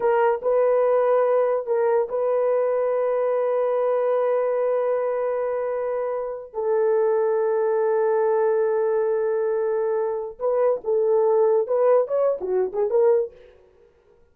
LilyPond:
\new Staff \with { instrumentName = "horn" } { \time 4/4 \tempo 4 = 144 ais'4 b'2. | ais'4 b'2.~ | b'1~ | b'2.~ b'8. a'16~ |
a'1~ | a'1~ | a'4 b'4 a'2 | b'4 cis''8. fis'8. gis'8 ais'4 | }